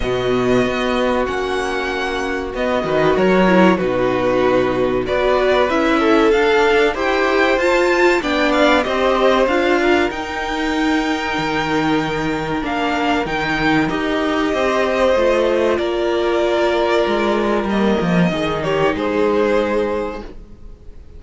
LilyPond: <<
  \new Staff \with { instrumentName = "violin" } { \time 4/4 \tempo 4 = 95 dis''2 fis''2 | dis''4 cis''4 b'2 | d''4 e''4 f''4 g''4 | a''4 g''8 f''8 dis''4 f''4 |
g''1 | f''4 g''4 dis''2~ | dis''4 d''2. | dis''4. cis''8 c''2 | }
  \new Staff \with { instrumentName = "violin" } { \time 4/4 fis'1~ | fis'8 b'8 ais'4 fis'2 | b'4. a'4. c''4~ | c''4 d''4 c''4. ais'8~ |
ais'1~ | ais'2. c''4~ | c''4 ais'2.~ | ais'4 gis'8 g'8 gis'2 | }
  \new Staff \with { instrumentName = "viola" } { \time 4/4 b2 cis'2 | b8 fis'4 e'8 dis'2 | fis'4 e'4 d'4 g'4 | f'4 d'4 g'4 f'4 |
dis'1 | d'4 dis'4 g'2 | f'1 | ais4 dis'2. | }
  \new Staff \with { instrumentName = "cello" } { \time 4/4 b,4 b4 ais2 | b8 dis8 fis4 b,2 | b4 cis'4 d'4 e'4 | f'4 b4 c'4 d'4 |
dis'2 dis2 | ais4 dis4 dis'4 c'4 | a4 ais2 gis4 | g8 f8 dis4 gis2 | }
>>